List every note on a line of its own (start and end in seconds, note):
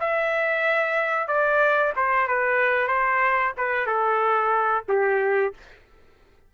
0.00 1.27 E5
1.27 1.92 D5
1.96 2.27 C5
2.27 2.88 B4
2.88 3.53 C5
3.57 3.86 B4
3.86 4.84 A4
4.88 5.53 G4